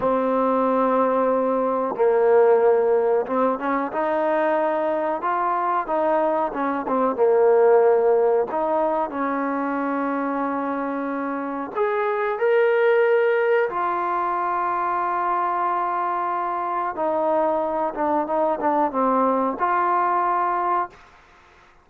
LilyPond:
\new Staff \with { instrumentName = "trombone" } { \time 4/4 \tempo 4 = 92 c'2. ais4~ | ais4 c'8 cis'8 dis'2 | f'4 dis'4 cis'8 c'8 ais4~ | ais4 dis'4 cis'2~ |
cis'2 gis'4 ais'4~ | ais'4 f'2.~ | f'2 dis'4. d'8 | dis'8 d'8 c'4 f'2 | }